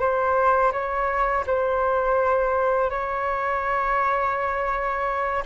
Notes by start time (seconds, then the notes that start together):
0.00 C5
0.73 C#5
1.47 C5
2.90 C#5